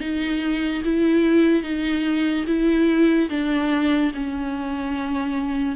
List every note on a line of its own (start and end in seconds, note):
0.00 0.82 D#4
0.84 1.63 E4
1.63 2.45 D#4
2.47 3.29 E4
3.30 4.12 D4
4.14 5.76 C#4